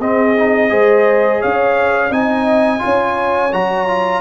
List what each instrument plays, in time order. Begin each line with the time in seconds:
0.00 tuba C4, trombone C4, horn G#4, trumpet D#5
0.36 trombone D#4
0.69 tuba G#3, trombone G#4, horn C5
1.41 tuba C#4, horn C#5, trumpet F5
2.09 tuba C4, trombone D#4, horn D#5, trumpet G#5
2.79 trombone F4, horn C#5
2.85 tuba C#4
3.53 tuba F#3, trombone F#4, trumpet A#5
3.88 trombone F4